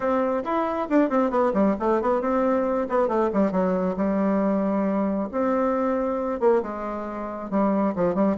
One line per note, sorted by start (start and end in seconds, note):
0.00 0.43 C4
0.44 0.88 E4
0.89 1.09 D4
1.09 1.30 C4
1.30 1.52 B3
1.53 1.75 G3
1.79 2.01 A3
2.01 2.21 B3
2.21 2.87 C4
2.89 3.08 B3
3.08 3.30 A3
3.33 3.51 G3
3.51 3.95 F#3
3.97 5.29 G3
5.31 6.40 C4
6.40 6.62 A#3
6.62 7.50 G#3
7.50 7.94 G3
7.95 8.14 F3
8.14 8.36 G3